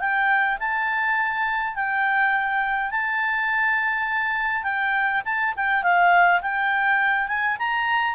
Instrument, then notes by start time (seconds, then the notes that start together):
clarinet
0.00 G5
0.59 A5
1.76 G5
2.91 A5
4.64 G5
5.25 A5
5.56 G5
5.83 F5
6.42 G5
7.28 G#5
7.59 A#5